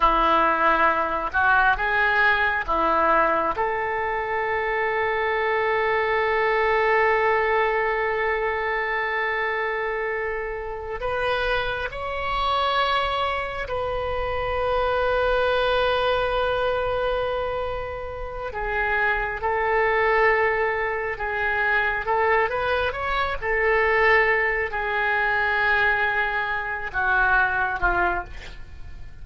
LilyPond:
\new Staff \with { instrumentName = "oboe" } { \time 4/4 \tempo 4 = 68 e'4. fis'8 gis'4 e'4 | a'1~ | a'1~ | a'8 b'4 cis''2 b'8~ |
b'1~ | b'4 gis'4 a'2 | gis'4 a'8 b'8 cis''8 a'4. | gis'2~ gis'8 fis'4 f'8 | }